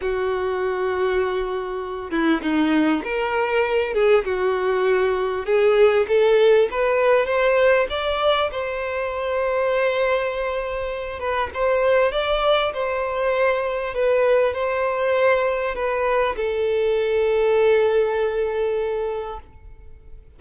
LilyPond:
\new Staff \with { instrumentName = "violin" } { \time 4/4 \tempo 4 = 99 fis'2.~ fis'8 e'8 | dis'4 ais'4. gis'8 fis'4~ | fis'4 gis'4 a'4 b'4 | c''4 d''4 c''2~ |
c''2~ c''8 b'8 c''4 | d''4 c''2 b'4 | c''2 b'4 a'4~ | a'1 | }